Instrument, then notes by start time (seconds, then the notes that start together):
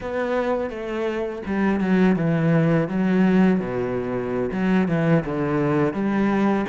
cello
0.00 B3
0.70 A3
1.46 G3
1.80 F#3
2.16 E3
2.88 F#3
3.59 B2
4.51 F#3
4.88 E3
5.25 D3
5.93 G3